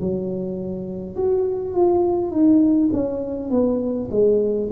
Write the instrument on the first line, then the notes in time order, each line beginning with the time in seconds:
tuba
0.00 F#3
1.16 F#4
1.74 F4
2.31 D#4
2.93 C#4
3.50 B3
4.11 G#3